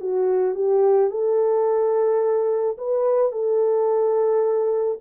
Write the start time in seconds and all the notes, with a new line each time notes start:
0.00 F#4
0.55 G4
1.10 A4
2.77 B4
3.32 A4